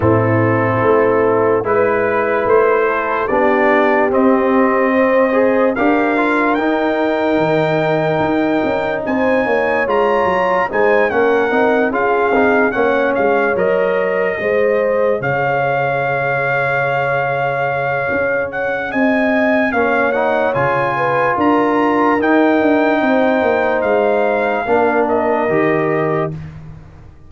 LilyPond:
<<
  \new Staff \with { instrumentName = "trumpet" } { \time 4/4 \tempo 4 = 73 a'2 b'4 c''4 | d''4 dis''2 f''4 | g''2. gis''4 | ais''4 gis''8 fis''4 f''4 fis''8 |
f''8 dis''2 f''4.~ | f''2~ f''8 fis''8 gis''4 | f''8 fis''8 gis''4 ais''4 g''4~ | g''4 f''4. dis''4. | }
  \new Staff \with { instrumentName = "horn" } { \time 4/4 e'2 b'4. a'8 | g'2 c''4 ais'4~ | ais'2. c''8 cis''8~ | cis''4 c''8 ais'4 gis'4 cis''8~ |
cis''4. c''4 cis''4.~ | cis''2. dis''4 | cis''4. b'8 ais'2 | c''2 ais'2 | }
  \new Staff \with { instrumentName = "trombone" } { \time 4/4 c'2 e'2 | d'4 c'4. gis'8 g'8 f'8 | dis'1 | f'4 dis'8 cis'8 dis'8 f'8 dis'8 cis'8~ |
cis'8 ais'4 gis'2~ gis'8~ | gis'1 | cis'8 dis'8 f'2 dis'4~ | dis'2 d'4 g'4 | }
  \new Staff \with { instrumentName = "tuba" } { \time 4/4 a,4 a4 gis4 a4 | b4 c'2 d'4 | dis'4 dis4 dis'8 cis'8 c'8 ais8 | gis8 fis8 gis8 ais8 c'8 cis'8 c'8 ais8 |
gis8 fis4 gis4 cis4.~ | cis2 cis'4 c'4 | ais4 cis4 d'4 dis'8 d'8 | c'8 ais8 gis4 ais4 dis4 | }
>>